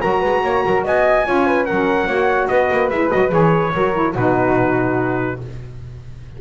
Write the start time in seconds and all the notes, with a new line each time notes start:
0.00 F#3 F#4 A#4 A#5
0.20 G#3 B4
0.44 A#3 C#5
0.65 F#3 A#4
0.84 B3 D#5 G#5
1.24 C#4 F4 C#5
1.47 B4
1.65 F#3 C#4 A#4 F#5
2.06 A#3 F#4 C#5
2.48 B3 B4 D#5
2.71 A#3
2.90 G#3 E4 E5
3.11 F#3 F#4 D#5
3.29 E3 G#4 C#5
3.74 F#3 F#4 A#4
3.93 E4
4.13 B2 D#4 F#4 B4